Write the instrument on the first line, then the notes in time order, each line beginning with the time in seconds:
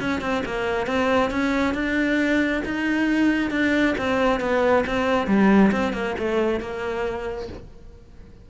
cello
0.00 C#4
0.21 C4
0.46 A#3
0.87 C4
1.30 C#4
1.74 D4
2.65 D#4
3.51 D4
3.98 C4
4.40 B3
4.87 C4
5.27 G3
5.72 C4
5.93 A#3
6.19 A3
6.60 A#3